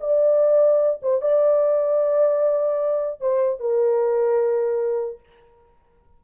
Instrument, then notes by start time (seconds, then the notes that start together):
horn
0.00 D5
1.02 C5
1.21 D5
3.20 C5
3.59 A#4